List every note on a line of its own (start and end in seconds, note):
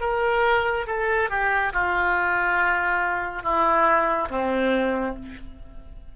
0.00 0.86 A#4
0.86 1.29 A4
1.29 1.72 G4
1.73 3.42 F4
3.42 4.28 E4
4.30 5.15 C4